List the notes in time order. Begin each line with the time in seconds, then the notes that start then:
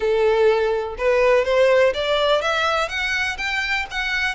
0.00 A4
0.98 B4
1.45 C5
1.94 D5
2.41 E5
2.89 F#5
3.37 G5
3.90 F#5